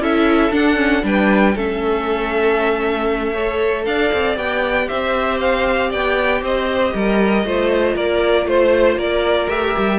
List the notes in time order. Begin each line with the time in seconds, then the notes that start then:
0.00 C#4 E4 A4 E5
0.51 D4 F#5
0.75 C#4
1.02 G3 D4 B4 G5
1.56 A3 C#4 A4 E5
3.33 A4 C#5
3.85 D4 D5 F5
4.13 C4
4.36 B3 G4 G5
4.88 C4 C5 E5
5.40 F5
5.90 B3 D5 G5
6.41 C4 C5 D#5
6.94 G3 A#4
7.44 A3 F4 C5
7.95 A#3 A#4 D5
8.46 A3 C5
8.96 A#3 A#4 D5
9.49 A3 G4 E5
9.78 G3